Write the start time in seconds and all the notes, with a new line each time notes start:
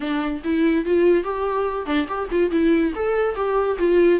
0.00 D4
0.44 E4
0.85 F4
1.23 G4
1.86 D4
2.08 G4
2.31 F4
2.51 E4
2.95 A4
3.35 G4
3.79 F4